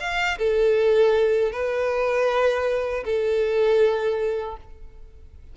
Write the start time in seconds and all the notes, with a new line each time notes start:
0.00 F5
0.38 A4
1.52 B4
3.05 A4